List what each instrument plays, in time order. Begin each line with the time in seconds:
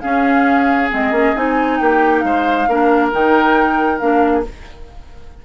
0.00 clarinet C#4, bassoon C#4, oboe G#4, flute F5
0.90 bassoon G#3, clarinet C4, flute D#5
1.10 bassoon A#3, clarinet C#4
1.35 bassoon C4, clarinet D#4, flute G#5
1.77 bassoon A#3, oboe G4, flute G5
2.19 bassoon G#3, oboe C5, flute F5
2.68 bassoon A#3, clarinet D4, oboe A#4
3.12 bassoon D#3, clarinet D#4, flute G5
3.98 bassoon A#3, clarinet D4, flute F5
4.32 oboe G#4